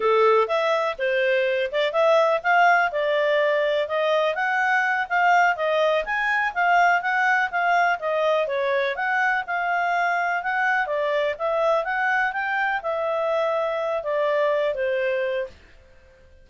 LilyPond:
\new Staff \with { instrumentName = "clarinet" } { \time 4/4 \tempo 4 = 124 a'4 e''4 c''4. d''8 | e''4 f''4 d''2 | dis''4 fis''4. f''4 dis''8~ | dis''8 gis''4 f''4 fis''4 f''8~ |
f''8 dis''4 cis''4 fis''4 f''8~ | f''4. fis''4 d''4 e''8~ | e''8 fis''4 g''4 e''4.~ | e''4 d''4. c''4. | }